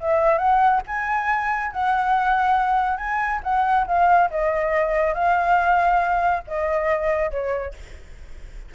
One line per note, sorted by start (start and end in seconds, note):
0.00 0.38 E5
0.38 0.81 F#5
0.87 1.72 G#5
1.72 2.97 F#5
2.97 3.40 G#5
3.43 3.86 F#5
3.87 4.30 F5
4.30 5.14 D#5
5.14 6.43 F5
6.47 7.31 D#5
7.31 7.74 C#5